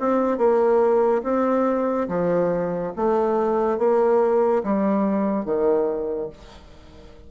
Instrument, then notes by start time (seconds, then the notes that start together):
bassoon
0.00 C4
0.38 A#3
1.23 C4
2.09 F3
2.96 A3
3.78 A#3
4.64 G3
5.45 D#3